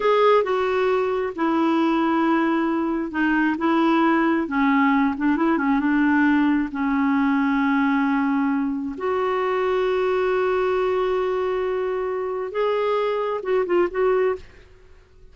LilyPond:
\new Staff \with { instrumentName = "clarinet" } { \time 4/4 \tempo 4 = 134 gis'4 fis'2 e'4~ | e'2. dis'4 | e'2 cis'4. d'8 | e'8 cis'8 d'2 cis'4~ |
cis'1 | fis'1~ | fis'1 | gis'2 fis'8 f'8 fis'4 | }